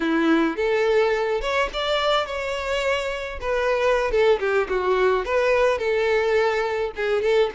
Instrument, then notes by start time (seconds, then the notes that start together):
violin
0.00 E4
0.56 A4
1.41 C#5
1.73 D5
2.26 C#5
3.41 B4
4.11 A4
4.39 G4
4.69 F#4
5.25 B4
5.78 A4
6.95 G#4
7.22 A4